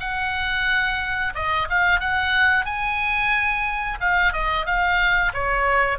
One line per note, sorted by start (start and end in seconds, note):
0.00 1.33 F#5
1.35 1.68 D#5
1.70 2.00 F5
2.00 2.65 F#5
2.65 3.99 G#5
4.01 4.33 F5
4.33 4.66 D#5
4.66 5.33 F5
5.34 5.99 C#5